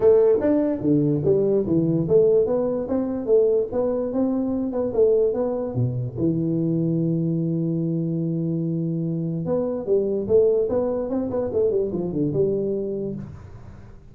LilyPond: \new Staff \with { instrumentName = "tuba" } { \time 4/4 \tempo 4 = 146 a4 d'4 d4 g4 | e4 a4 b4 c'4 | a4 b4 c'4. b8 | a4 b4 b,4 e4~ |
e1~ | e2. b4 | g4 a4 b4 c'8 b8 | a8 g8 f8 d8 g2 | }